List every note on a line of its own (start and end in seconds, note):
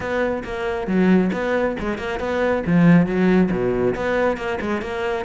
0.00 0.43 B3
0.44 0.87 A#3
0.87 1.31 F#3
1.32 1.76 B3
1.79 1.98 G#3
1.98 2.19 A#3
2.19 2.63 B3
2.66 3.06 F3
3.06 3.50 F#3
3.51 3.95 B2
3.95 4.37 B3
4.37 4.59 A#3
4.60 4.81 G#3
4.81 5.25 A#3